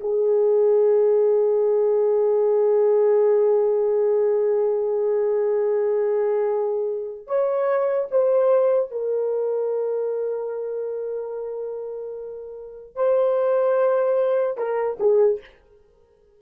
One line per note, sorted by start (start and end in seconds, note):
0.00 7.27 G#4
7.27 8.08 C#5
8.11 8.91 C5
8.91 12.95 A#4
12.95 14.57 C5
14.57 14.97 A#4
15.00 15.40 G#4